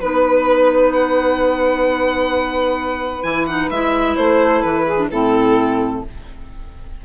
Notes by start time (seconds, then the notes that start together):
0.00 B3 D#4 B4
0.93 F#5
3.22 E3 E4 G#5
3.46 D#4 F#5
3.70 G#3 E4 E5
4.16 A3 C5
4.41 A4
4.62 E3 B4
4.85 G#4
4.97 D4
5.09 A2 C4 E4 A4